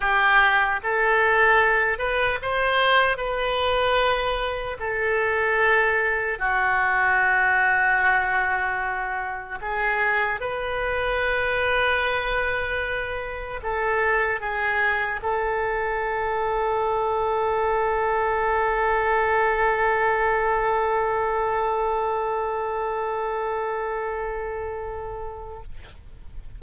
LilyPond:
\new Staff \with { instrumentName = "oboe" } { \time 4/4 \tempo 4 = 75 g'4 a'4. b'8 c''4 | b'2 a'2 | fis'1 | gis'4 b'2.~ |
b'4 a'4 gis'4 a'4~ | a'1~ | a'1~ | a'1 | }